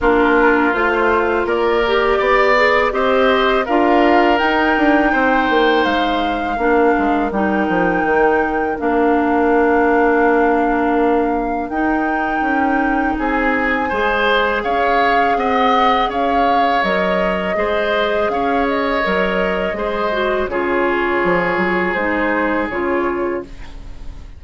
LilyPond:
<<
  \new Staff \with { instrumentName = "flute" } { \time 4/4 \tempo 4 = 82 ais'4 c''4 d''2 | dis''4 f''4 g''2 | f''2 g''2 | f''1 |
g''2 gis''2 | f''4 fis''4 f''4 dis''4~ | dis''4 f''8 dis''2~ dis''8 | cis''2 c''4 cis''4 | }
  \new Staff \with { instrumentName = "oboe" } { \time 4/4 f'2 ais'4 d''4 | c''4 ais'2 c''4~ | c''4 ais'2.~ | ais'1~ |
ais'2 gis'4 c''4 | cis''4 dis''4 cis''2 | c''4 cis''2 c''4 | gis'1 | }
  \new Staff \with { instrumentName = "clarinet" } { \time 4/4 d'4 f'4. g'4 gis'8 | g'4 f'4 dis'2~ | dis'4 d'4 dis'2 | d'1 |
dis'2. gis'4~ | gis'2. ais'4 | gis'2 ais'4 gis'8 fis'8 | f'2 dis'4 f'4 | }
  \new Staff \with { instrumentName = "bassoon" } { \time 4/4 ais4 a4 ais4 b4 | c'4 d'4 dis'8 d'8 c'8 ais8 | gis4 ais8 gis8 g8 f8 dis4 | ais1 |
dis'4 cis'4 c'4 gis4 | cis'4 c'4 cis'4 fis4 | gis4 cis'4 fis4 gis4 | cis4 f8 fis8 gis4 cis4 | }
>>